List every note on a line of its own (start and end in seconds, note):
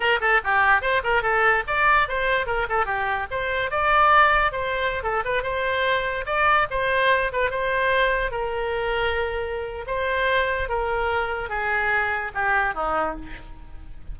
0.00 0.19 A#4
0.20 0.41 A4
0.44 0.81 G4
0.81 1.02 C5
1.03 1.22 A#4
1.22 1.63 A4
1.67 2.08 D5
2.08 2.46 C5
2.46 2.66 A#4
2.69 2.85 A4
2.85 3.26 G4
3.30 3.70 C5
3.70 4.52 D5
4.52 5.03 C5
5.03 5.23 A4
5.24 5.42 B4
5.42 6.25 C5
6.26 6.67 D5
6.70 7.32 C5
7.32 7.50 B4
7.50 8.31 C5
8.31 9.85 A#4
9.86 10.68 C5
10.68 11.49 A#4
11.49 12.31 G#4
12.34 12.74 G4
12.74 13.15 D#4